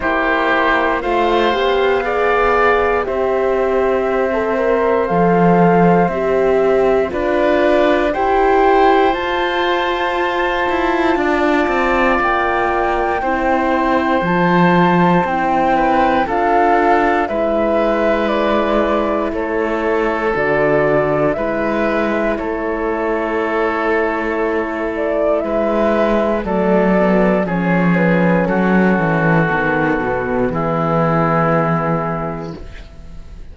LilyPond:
<<
  \new Staff \with { instrumentName = "flute" } { \time 4/4 \tempo 4 = 59 c''4 f''2 e''4~ | e''4 f''4 e''4 d''4 | g''4 a''2. | g''2 a''4 g''4 |
f''4 e''4 d''4 cis''4 | d''4 e''4 cis''2~ | cis''8 d''8 e''4 d''4 cis''8 b'8 | a'2 gis'2 | }
  \new Staff \with { instrumentName = "oboe" } { \time 4/4 g'4 c''4 d''4 c''4~ | c''2. b'4 | c''2. d''4~ | d''4 c''2~ c''8 b'8 |
a'4 b'2 a'4~ | a'4 b'4 a'2~ | a'4 b'4 a'4 gis'4 | fis'2 e'2 | }
  \new Staff \with { instrumentName = "horn" } { \time 4/4 e'4 f'8 g'8 gis'4 g'4~ | g'16 a'16 ais'8 a'4 g'4 f'4 | g'4 f'2.~ | f'4 e'4 f'4 e'4 |
f'4 e'2. | fis'4 e'2.~ | e'2 a8 b8 cis'4~ | cis'4 b2. | }
  \new Staff \with { instrumentName = "cello" } { \time 4/4 ais4 a8 b4. c'4~ | c'4 f4 c'4 d'4 | e'4 f'4. e'8 d'8 c'8 | ais4 c'4 f4 c'4 |
d'4 gis2 a4 | d4 gis4 a2~ | a4 gis4 fis4 f4 | fis8 e8 dis8 b,8 e2 | }
>>